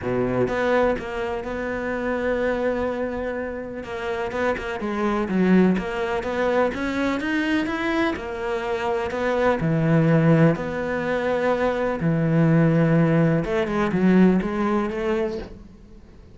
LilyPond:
\new Staff \with { instrumentName = "cello" } { \time 4/4 \tempo 4 = 125 b,4 b4 ais4 b4~ | b1 | ais4 b8 ais8 gis4 fis4 | ais4 b4 cis'4 dis'4 |
e'4 ais2 b4 | e2 b2~ | b4 e2. | a8 gis8 fis4 gis4 a4 | }